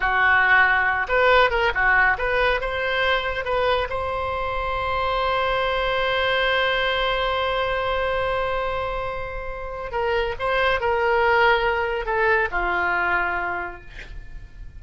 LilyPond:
\new Staff \with { instrumentName = "oboe" } { \time 4/4 \tempo 4 = 139 fis'2~ fis'8 b'4 ais'8 | fis'4 b'4 c''2 | b'4 c''2.~ | c''1~ |
c''1~ | c''2. ais'4 | c''4 ais'2. | a'4 f'2. | }